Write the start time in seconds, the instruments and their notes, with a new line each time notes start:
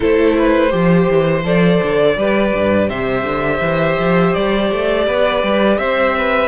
0.00 cello A3, viola E4, violin A4 C5
0.38 violin B4
0.70 cello F3, viola G4, violin C5
1.09 cello E3
1.44 cello F3, viola A4, violin D5
1.82 cello D3
2.16 cello G3, viola G4, violin B4
2.54 cello G2
2.89 cello C3, violin C5 E5
3.23 cello D3
3.60 cello E3
3.99 cello F3
4.33 cello G3, violin D5
4.71 cello A3
5.06 cello B3, violin B4
5.42 cello G3
5.78 cello C4, violin C5 E5
6.17 violin B4